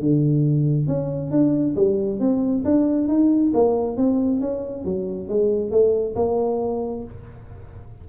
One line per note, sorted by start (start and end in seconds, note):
0.00 0.88 D3
0.88 1.31 C#4
1.31 1.75 D4
1.76 2.20 G3
2.20 2.64 C4
2.65 3.08 D4
3.08 3.52 D#4
3.54 3.97 A#3
3.97 4.41 C4
4.41 4.85 C#4
4.85 5.29 F#3
5.29 5.71 G#3
5.71 6.15 A3
6.16 7.04 A#3